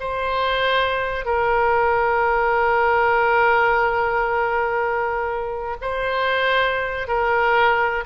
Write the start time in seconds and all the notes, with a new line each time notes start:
0.00 C5
1.25 A#4
5.81 C5
7.07 A#4